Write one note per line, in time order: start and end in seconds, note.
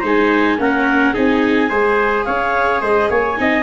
0.00 0.58 G#3
0.00 0.58 D#4
0.00 0.56 C5
0.00 0.59 G#5
0.58 1.13 A#3
0.58 1.13 C#4
0.58 1.13 A#4
0.58 1.15 F#5
1.13 1.70 C4
1.13 1.69 D#4
1.13 1.69 G#4
1.13 2.24 G#5
1.69 2.25 G#3
1.69 3.36 G#4
1.69 2.24 C5
2.24 2.81 C#4
2.24 2.81 C#5
2.24 2.80 F5
2.81 3.09 G#3
2.81 3.08 C5
2.81 3.10 D#5
3.10 3.37 A#3
3.10 3.37 C#5
3.10 3.63 G#5
3.37 3.63 C4
3.37 3.63 D#4
3.37 3.63 D#5